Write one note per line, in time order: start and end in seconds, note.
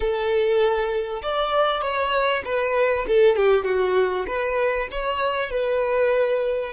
0.00 1.22 A4
1.22 1.81 D5
1.81 2.42 C#5
2.44 3.06 B4
3.08 3.36 A4
3.36 3.65 G4
3.65 4.26 F#4
4.27 4.88 B4
4.91 5.50 C#5
5.50 6.72 B4